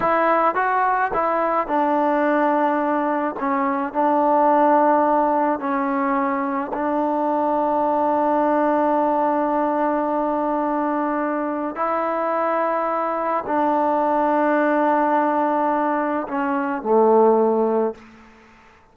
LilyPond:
\new Staff \with { instrumentName = "trombone" } { \time 4/4 \tempo 4 = 107 e'4 fis'4 e'4 d'4~ | d'2 cis'4 d'4~ | d'2 cis'2 | d'1~ |
d'1~ | d'4 e'2. | d'1~ | d'4 cis'4 a2 | }